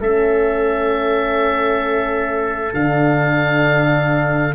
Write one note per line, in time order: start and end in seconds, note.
0.00 2.73 A3
0.00 2.73 C#4
0.00 4.54 A4
0.00 2.73 E5
2.73 4.54 D3
2.73 4.54 D4
2.73 4.54 F5